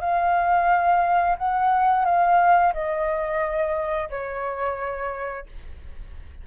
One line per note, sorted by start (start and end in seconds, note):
0.00 1.36 F5
1.38 2.05 F#5
2.05 2.73 F5
2.73 4.09 D#5
4.09 5.46 C#5